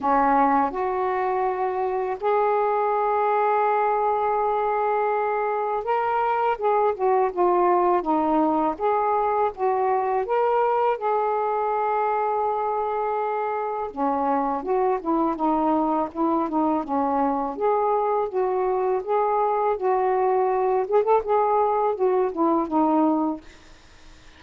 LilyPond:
\new Staff \with { instrumentName = "saxophone" } { \time 4/4 \tempo 4 = 82 cis'4 fis'2 gis'4~ | gis'1 | ais'4 gis'8 fis'8 f'4 dis'4 | gis'4 fis'4 ais'4 gis'4~ |
gis'2. cis'4 | fis'8 e'8 dis'4 e'8 dis'8 cis'4 | gis'4 fis'4 gis'4 fis'4~ | fis'8 gis'16 a'16 gis'4 fis'8 e'8 dis'4 | }